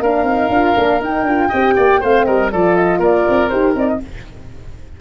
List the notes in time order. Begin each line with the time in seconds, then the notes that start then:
0.00 A#3 D4 A#4 F5
0.23 C4 D#4
0.49 D4 F4
0.76 A#3 D4
1.00 D#4 G5
1.23 D4 F4
1.49 C4 G4 D#5
1.76 A#3 D5
2.00 A3 C4 C5 F5
2.25 G3 A#4 D#5
2.52 F3 F4 A4 D5
2.76 D#5
2.99 A#3 A#4 D5
3.29 C4
3.49 D#4 G4 C5
3.75 C4 D#4 D5
3.88 D#5